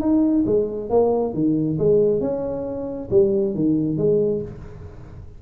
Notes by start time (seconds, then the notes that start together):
0.00 D#4
0.46 G#3
0.90 A#3
1.34 D#3
1.78 G#3
2.21 C#4
3.10 G3
3.54 D#3
3.97 G#3